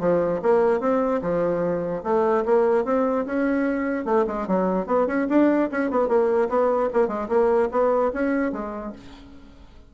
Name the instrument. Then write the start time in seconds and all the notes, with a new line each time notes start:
bassoon
0.00 F3
0.42 A#3
0.80 C4
1.22 F3
2.04 A3
2.46 A#3
2.85 C4
3.26 C#4
4.05 A3
4.27 G#3
4.48 F#3
4.87 B3
5.07 C#4
5.29 D4
5.71 C#4
5.91 B3
6.08 A#3
6.49 B3
6.94 A#3
7.08 G#3
7.29 A#3
7.71 B3
8.14 C#4
8.52 G#3